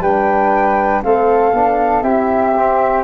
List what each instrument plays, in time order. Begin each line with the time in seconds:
0.00 tuba G3, trombone D4, flute B4 G5
1.03 tuba A3, trombone C4, flute A4 F5
1.52 tuba B3, trombone D4
2.02 tuba C4, trombone E4, flute G4 E5
2.56 trombone C4